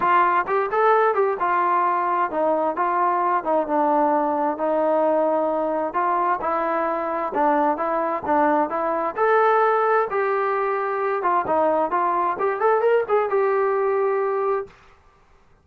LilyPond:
\new Staff \with { instrumentName = "trombone" } { \time 4/4 \tempo 4 = 131 f'4 g'8 a'4 g'8 f'4~ | f'4 dis'4 f'4. dis'8 | d'2 dis'2~ | dis'4 f'4 e'2 |
d'4 e'4 d'4 e'4 | a'2 g'2~ | g'8 f'8 dis'4 f'4 g'8 a'8 | ais'8 gis'8 g'2. | }